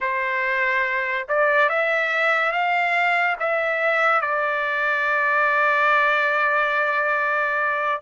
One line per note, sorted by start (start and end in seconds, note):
0.00 1.27 C5
1.28 1.69 D5
1.69 2.51 E5
2.51 3.36 F5
3.39 4.21 E5
4.21 8.01 D5